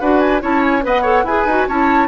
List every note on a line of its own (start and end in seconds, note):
0.00 0.43 D4
0.00 0.41 F#4
0.00 0.42 B4
0.00 0.20 F#5
0.20 0.41 G#5
0.41 0.85 C#4
0.41 0.83 E4
0.41 0.84 C#5
0.41 0.63 A5
0.63 0.84 G#5
0.83 1.24 B3
0.83 1.04 B4
0.83 1.02 D#5
0.83 1.26 F#5
1.02 1.25 A4
1.02 1.23 C#5
1.24 1.45 E4
1.24 1.49 G#4
1.24 1.68 B4
1.24 1.68 G#5
1.46 1.67 D#4
1.46 1.70 F#4
1.68 2.09 C#4
1.68 2.09 E4
1.68 2.09 C#5
1.68 2.09 A5